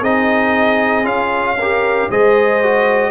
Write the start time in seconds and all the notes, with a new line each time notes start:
0.00 C4 D#4 G#4 D#5
1.04 C#4 F4 F5
1.58 G4 A#4
2.10 G#3 G#4 C5 D#5
2.62 F#4